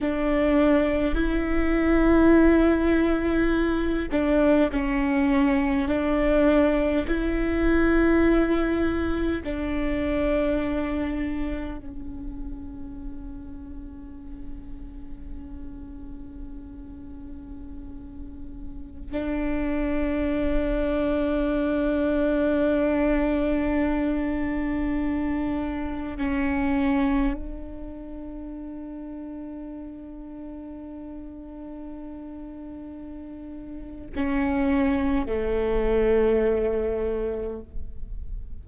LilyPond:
\new Staff \with { instrumentName = "viola" } { \time 4/4 \tempo 4 = 51 d'4 e'2~ e'8 d'8 | cis'4 d'4 e'2 | d'2 cis'2~ | cis'1~ |
cis'16 d'2.~ d'8.~ | d'2~ d'16 cis'4 d'8.~ | d'1~ | d'4 cis'4 a2 | }